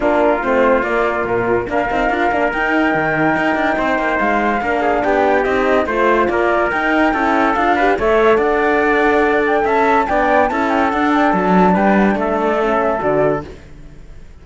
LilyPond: <<
  \new Staff \with { instrumentName = "flute" } { \time 4/4 \tempo 4 = 143 ais'4 c''4 d''4 ais'4 | f''2 g''2~ | g''2 f''2 | g''4 dis''4 c''4 d''4 |
g''2 f''4 e''4 | fis''2~ fis''8 g''8 a''4 | g''4 a''8 g''8 fis''8 g''8 a''4 | g''8 fis''16 g''16 e''8 d''8 e''4 d''4 | }
  \new Staff \with { instrumentName = "trumpet" } { \time 4/4 f'1 | ais'1~ | ais'4 c''2 ais'8 gis'8 | g'2 c''4 ais'4~ |
ais'4 a'4. b'8 cis''4 | d''2. e''4 | d''4 a'2. | b'4 a'2. | }
  \new Staff \with { instrumentName = "horn" } { \time 4/4 d'4 c'4 ais2 | d'8 dis'8 f'8 d'8 dis'2~ | dis'2. d'4~ | d'4 dis'4 f'2 |
dis'4 e'4 f'8 g'8 a'4~ | a'1 | d'4 e'4 d'2~ | d'2 cis'4 fis'4 | }
  \new Staff \with { instrumentName = "cello" } { \time 4/4 ais4 a4 ais4 ais,4 | ais8 c'8 d'8 ais8 dis'4 dis4 | dis'8 d'8 c'8 ais8 gis4 ais4 | b4 c'4 a4 ais4 |
dis'4 cis'4 d'4 a4 | d'2. cis'4 | b4 cis'4 d'4 fis4 | g4 a2 d4 | }
>>